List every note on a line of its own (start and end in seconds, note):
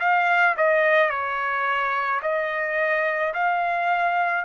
0.00 0.56 F5
0.57 1.10 D#5
1.10 2.21 C#5
2.22 3.33 D#5
3.34 4.45 F5